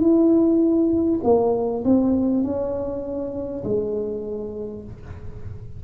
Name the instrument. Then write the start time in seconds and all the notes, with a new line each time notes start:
tuba
0.00 E4
1.24 A#3
1.85 C4
2.44 C#4
3.64 G#3